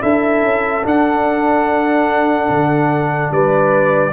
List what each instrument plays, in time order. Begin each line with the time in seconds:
0.00 tuba D4, trombone E4, horn A4, trumpet E5
0.42 tuba C#4
0.83 trombone D4, tuba D4, trumpet F#5
2.49 tuba D3
3.31 tuba G3, horn B4, trumpet D5